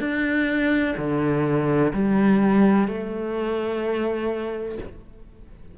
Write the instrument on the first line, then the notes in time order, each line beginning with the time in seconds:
cello
0.00 D4
0.98 D3
1.94 G3
2.88 A3